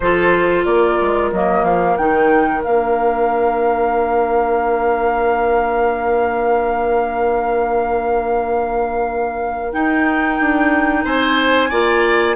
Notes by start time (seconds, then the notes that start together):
0.00 F3 F4 A4 C5
0.64 A#3 A#4 D5
1.01 G#3
1.32 F#3 A#3 D#5
1.63 F3 F5
1.96 D#3 D#4 G5
2.63 A#3 D4 F5
9.72 D#4 G5
10.40 D4
11.04 C4 C5 G#5
11.69 A#3 F4 D5